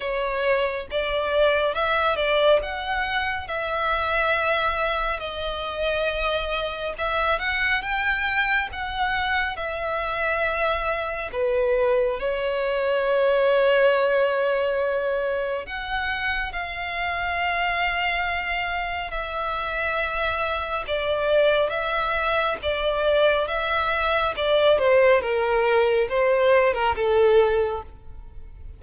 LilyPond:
\new Staff \with { instrumentName = "violin" } { \time 4/4 \tempo 4 = 69 cis''4 d''4 e''8 d''8 fis''4 | e''2 dis''2 | e''8 fis''8 g''4 fis''4 e''4~ | e''4 b'4 cis''2~ |
cis''2 fis''4 f''4~ | f''2 e''2 | d''4 e''4 d''4 e''4 | d''8 c''8 ais'4 c''8. ais'16 a'4 | }